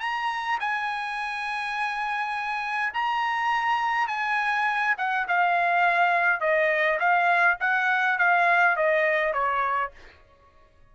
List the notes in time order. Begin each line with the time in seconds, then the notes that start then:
0.00 A#5
0.60 G#5
2.94 A#5
4.08 G#5
4.98 F#5
5.28 F5
6.40 D#5
7.00 F5
7.60 F#5
8.18 F5
8.76 D#5
9.33 C#5